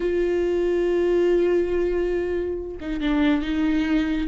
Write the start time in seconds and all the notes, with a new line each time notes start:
0.00 F4
2.80 D#4
3.00 D4
3.42 D#4